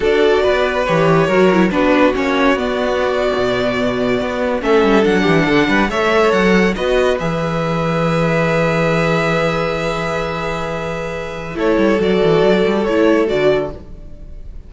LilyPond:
<<
  \new Staff \with { instrumentName = "violin" } { \time 4/4 \tempo 4 = 140 d''2 cis''2 | b'4 cis''4 d''2~ | d''2~ d''8. e''4 fis''16~ | fis''4.~ fis''16 e''4 fis''4 dis''16~ |
dis''8. e''2.~ e''16~ | e''1~ | e''2. cis''4 | d''2 cis''4 d''4 | }
  \new Staff \with { instrumentName = "violin" } { \time 4/4 a'4 b'2 ais'4 | fis'1~ | fis'2~ fis'8. a'4~ a'16~ | a'16 g'8 a'8 b'8 cis''2 b'16~ |
b'1~ | b'1~ | b'2. a'4~ | a'1 | }
  \new Staff \with { instrumentName = "viola" } { \time 4/4 fis'2 g'4 fis'8 e'8 | d'4 cis'4 b2~ | b2~ b8. cis'4 d'16~ | d'4.~ d'16 a'2 fis'16~ |
fis'8. gis'2.~ gis'16~ | gis'1~ | gis'2. e'4 | fis'2 e'4 fis'4 | }
  \new Staff \with { instrumentName = "cello" } { \time 4/4 d'4 b4 e4 fis4 | b4 ais4 b4.~ b16 b,16~ | b,4.~ b,16 b4 a8 g8 fis16~ | fis16 e8 d8 g8 a4 fis4 b16~ |
b8. e2.~ e16~ | e1~ | e2. a8 g8 | fis8 e8 fis8 g8 a4 d4 | }
>>